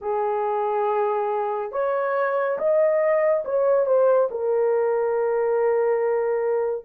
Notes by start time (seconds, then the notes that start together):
0.01 G#4
1.72 C#5
2.58 D#5
3.44 C#5
3.86 C5
4.31 A#4